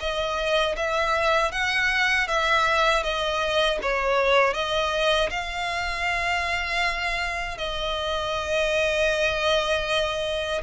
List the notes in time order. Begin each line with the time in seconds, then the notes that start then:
0.00 D#5
0.76 E5
1.52 F#5
2.28 E5
3.03 D#5
3.82 C#5
4.54 D#5
5.30 F5
7.58 D#5